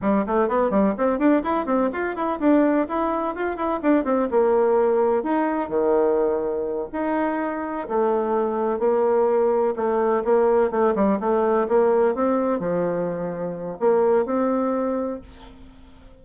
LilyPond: \new Staff \with { instrumentName = "bassoon" } { \time 4/4 \tempo 4 = 126 g8 a8 b8 g8 c'8 d'8 e'8 c'8 | f'8 e'8 d'4 e'4 f'8 e'8 | d'8 c'8 ais2 dis'4 | dis2~ dis8 dis'4.~ |
dis'8 a2 ais4.~ | ais8 a4 ais4 a8 g8 a8~ | a8 ais4 c'4 f4.~ | f4 ais4 c'2 | }